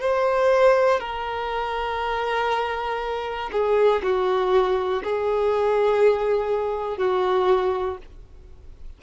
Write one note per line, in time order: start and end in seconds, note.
0.00 1.00 C5
1.00 3.50 A#4
3.51 4.01 G#4
4.03 5.03 F#4
5.03 6.97 G#4
6.97 7.97 F#4